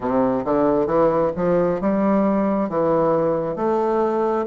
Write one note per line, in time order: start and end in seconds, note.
0.00 0.44 C3
0.45 0.86 D3
0.86 1.31 E3
1.36 1.80 F3
1.80 2.69 G3
2.69 3.56 E3
3.56 4.45 A3